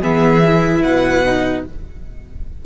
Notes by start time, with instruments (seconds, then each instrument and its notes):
0.00 cello E3, viola B3, violin G#4 E5
0.45 viola E4
0.81 cello B2, violin B4 F#5
1.24 viola D#4